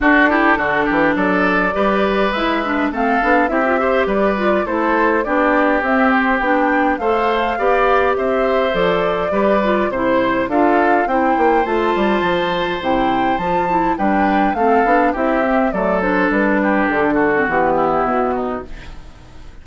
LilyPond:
<<
  \new Staff \with { instrumentName = "flute" } { \time 4/4 \tempo 4 = 103 a'2 d''2 | e''4 f''4 e''4 d''4 | c''4 d''4 e''8 c''8 g''4 | f''2 e''4 d''4~ |
d''4 c''4 f''4 g''4 | a''2 g''4 a''4 | g''4 f''4 e''4 d''8 c''8 | b'4 a'4 g'4 fis'4 | }
  \new Staff \with { instrumentName = "oboe" } { \time 4/4 fis'8 g'8 fis'8 g'8 a'4 b'4~ | b'4 a'4 g'8 c''8 b'4 | a'4 g'2. | c''4 d''4 c''2 |
b'4 c''4 a'4 c''4~ | c''1 | b'4 a'4 g'4 a'4~ | a'8 g'4 fis'4 e'4 dis'8 | }
  \new Staff \with { instrumentName = "clarinet" } { \time 4/4 d'8 e'8 d'2 g'4 | e'8 d'8 c'8 d'8 e'16 f'16 g'4 f'8 | e'4 d'4 c'4 d'4 | a'4 g'2 a'4 |
g'8 f'8 e'4 f'4 e'4 | f'2 e'4 f'8 e'8 | d'4 c'8 d'8 e'8 c'8 a8 d'8~ | d'4.~ d'16 c'16 b2 | }
  \new Staff \with { instrumentName = "bassoon" } { \time 4/4 d'4 d8 e8 fis4 g4 | gis4 a8 b8 c'4 g4 | a4 b4 c'4 b4 | a4 b4 c'4 f4 |
g4 c4 d'4 c'8 ais8 | a8 g8 f4 c4 f4 | g4 a8 b8 c'4 fis4 | g4 d4 e4 b,4 | }
>>